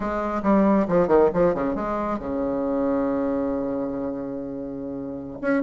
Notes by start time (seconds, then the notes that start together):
0.00 G#3
0.42 G3
0.87 F3
1.07 D#3
1.33 F3
1.54 C#3
1.75 G#3
2.18 C#3
5.41 C#4